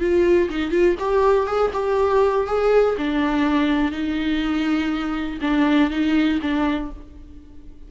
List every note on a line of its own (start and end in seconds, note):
0.00 0.49 F4
0.50 0.71 D#4
0.71 0.96 F4
0.99 1.47 G4
1.47 1.71 G#4
1.73 2.47 G4
2.47 2.96 G#4
2.98 3.92 D4
3.92 5.39 D#4
5.41 5.90 D4
5.90 6.40 D#4
6.41 6.91 D4